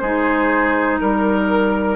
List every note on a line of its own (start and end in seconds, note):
0.00 1.00 G#3
0.00 1.96 D#4
0.00 1.00 G#4
0.00 0.98 C5
1.00 1.96 G3
1.00 1.96 A#4